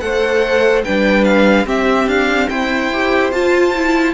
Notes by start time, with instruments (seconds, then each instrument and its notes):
0.00 cello A3, viola A4, violin C5 F#5
0.85 cello G3, viola D4, violin B4 G5
1.25 violin F5
1.66 viola C4, cello C4, violin G4 E5
2.07 cello D4, violin F5
2.49 cello E4, violin C5 G5
2.93 viola G4
3.32 viola F4, cello F4, violin A5
3.75 viola E4